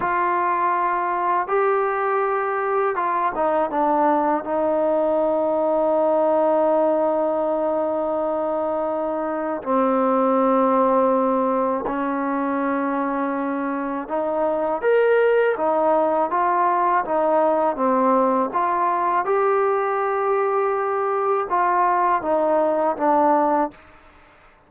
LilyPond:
\new Staff \with { instrumentName = "trombone" } { \time 4/4 \tempo 4 = 81 f'2 g'2 | f'8 dis'8 d'4 dis'2~ | dis'1~ | dis'4 c'2. |
cis'2. dis'4 | ais'4 dis'4 f'4 dis'4 | c'4 f'4 g'2~ | g'4 f'4 dis'4 d'4 | }